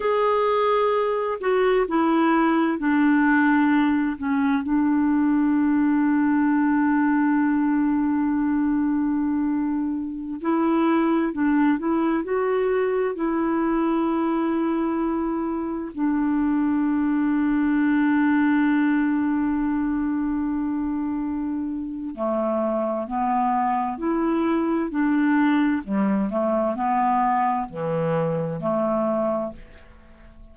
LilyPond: \new Staff \with { instrumentName = "clarinet" } { \time 4/4 \tempo 4 = 65 gis'4. fis'8 e'4 d'4~ | d'8 cis'8 d'2.~ | d'2.~ d'16 e'8.~ | e'16 d'8 e'8 fis'4 e'4.~ e'16~ |
e'4~ e'16 d'2~ d'8.~ | d'1 | a4 b4 e'4 d'4 | g8 a8 b4 e4 a4 | }